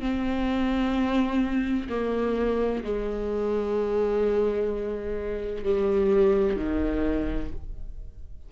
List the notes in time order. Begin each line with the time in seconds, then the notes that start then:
0.00 C4
1.89 A#3
2.84 G#3
5.64 G3
6.56 D#3